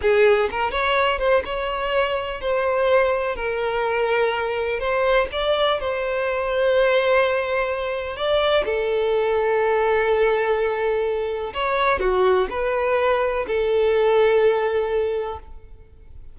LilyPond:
\new Staff \with { instrumentName = "violin" } { \time 4/4 \tempo 4 = 125 gis'4 ais'8 cis''4 c''8 cis''4~ | cis''4 c''2 ais'4~ | ais'2 c''4 d''4 | c''1~ |
c''4 d''4 a'2~ | a'1 | cis''4 fis'4 b'2 | a'1 | }